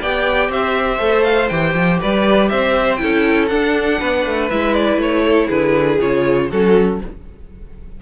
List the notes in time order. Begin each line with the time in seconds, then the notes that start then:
0.00 B3 G4 D5 G5
0.49 C4 C5 E5
0.99 A3 A4
1.24 F5
1.48 E3 G4 G5
1.74 F3
2.00 G3 B4 D5
2.49 C4 C5 E5
2.96 C#4 E4 A4 G5
3.48 D4 F#5
3.99 B3 B4
4.26 A3
4.49 G#3 E4 E5
4.74 D5
4.97 A3 C#5
5.26 A4
5.46 D3 G#4 B4
6.00 C#3 F4 C#5
6.50 F#3 C#4 F#4 A4